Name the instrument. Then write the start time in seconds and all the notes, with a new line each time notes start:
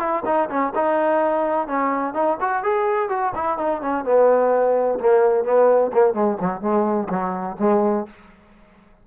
trombone
0.00 E4
0.26 D#4
0.50 C#4
0.76 D#4
1.68 C#4
2.14 D#4
2.41 F#4
2.63 G#4
3.10 F#4
3.35 E4
3.58 D#4
3.82 C#4
4.05 B3
5.00 A#3
5.45 B3
5.93 A#3
6.14 G#3
6.41 F#3
6.62 G#3
7.10 F#3
7.60 G#3